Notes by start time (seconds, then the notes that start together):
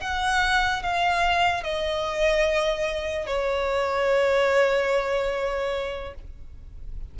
0.00 F#5
0.83 F5
1.63 D#5
3.26 C#5